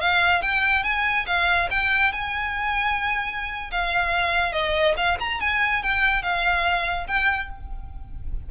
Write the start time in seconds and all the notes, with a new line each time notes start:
0.00 F5
0.42 G5
0.84 G#5
1.26 F5
1.70 G5
2.12 G#5
3.71 F5
4.52 D#5
4.96 F5
5.19 A#5
5.40 G#5
5.83 G5
6.22 F5
7.07 G5